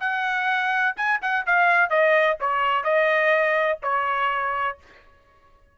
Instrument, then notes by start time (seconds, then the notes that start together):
trumpet
0.00 F#5
0.96 G#5
1.21 F#5
1.46 F5
1.89 D#5
2.40 C#5
2.83 D#5
3.82 C#5